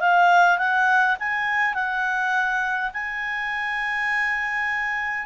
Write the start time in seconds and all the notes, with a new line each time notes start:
0.00 F5
0.58 F#5
1.19 G#5
1.74 F#5
2.93 G#5